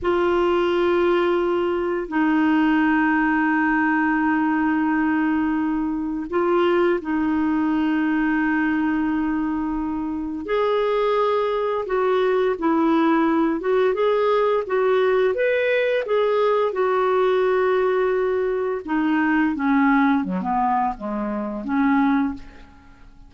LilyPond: \new Staff \with { instrumentName = "clarinet" } { \time 4/4 \tempo 4 = 86 f'2. dis'4~ | dis'1~ | dis'4 f'4 dis'2~ | dis'2. gis'4~ |
gis'4 fis'4 e'4. fis'8 | gis'4 fis'4 b'4 gis'4 | fis'2. dis'4 | cis'4 fis16 b8. gis4 cis'4 | }